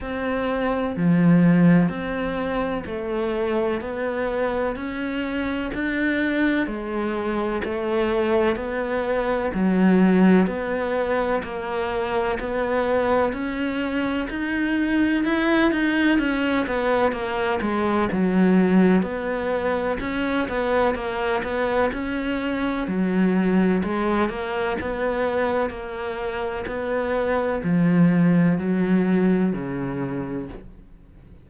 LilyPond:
\new Staff \with { instrumentName = "cello" } { \time 4/4 \tempo 4 = 63 c'4 f4 c'4 a4 | b4 cis'4 d'4 gis4 | a4 b4 fis4 b4 | ais4 b4 cis'4 dis'4 |
e'8 dis'8 cis'8 b8 ais8 gis8 fis4 | b4 cis'8 b8 ais8 b8 cis'4 | fis4 gis8 ais8 b4 ais4 | b4 f4 fis4 cis4 | }